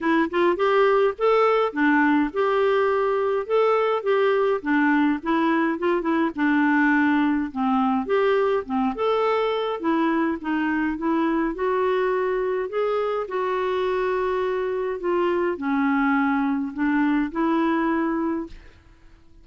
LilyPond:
\new Staff \with { instrumentName = "clarinet" } { \time 4/4 \tempo 4 = 104 e'8 f'8 g'4 a'4 d'4 | g'2 a'4 g'4 | d'4 e'4 f'8 e'8 d'4~ | d'4 c'4 g'4 c'8 a'8~ |
a'4 e'4 dis'4 e'4 | fis'2 gis'4 fis'4~ | fis'2 f'4 cis'4~ | cis'4 d'4 e'2 | }